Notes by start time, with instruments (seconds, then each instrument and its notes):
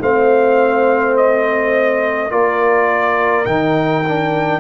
0.00 tuba A3, trombone C4, horn C5, trumpet F5
1.17 trumpet D#5
2.30 tuba A#3, trombone F4, horn A#4, trumpet D5
3.45 tuba D#3, trombone D#4, trumpet G5
4.08 trombone D4